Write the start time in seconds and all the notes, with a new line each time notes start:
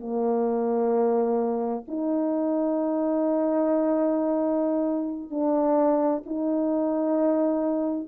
0.00 A#3
1.88 D#4
5.30 D4
6.26 D#4